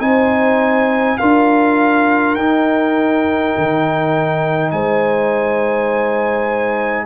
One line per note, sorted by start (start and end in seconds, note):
0.00 1.18 C4
0.00 1.18 D#4
0.00 1.19 C5
0.00 1.18 G#5
1.18 2.35 D4
1.18 2.38 F4
1.18 4.72 A#4
1.18 2.35 F5
2.35 3.53 D#4
2.35 7.06 D#4
2.35 4.71 G5
3.58 4.72 D#3
4.71 7.06 G#3
4.71 7.06 C5
4.71 7.06 G#5